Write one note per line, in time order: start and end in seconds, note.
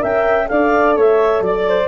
0.00 0.50 C#4
0.00 0.47 A#4
0.00 0.50 E5
0.00 0.48 G5
0.47 0.97 D4
0.47 1.87 A4
0.47 0.98 D5
0.47 0.95 F5
0.97 1.41 A3
0.97 1.44 C#5
0.97 1.44 E5
1.41 1.88 F#3
1.41 1.88 D5
1.41 1.69 D5
1.69 1.88 C5